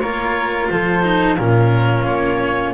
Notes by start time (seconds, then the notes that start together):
0.00 A#3 F4 A#4 C#5
0.69 F3 A4 C5
1.03 D#4
1.37 A#2 C#4 F4 A#4
2.06 A#3 C#5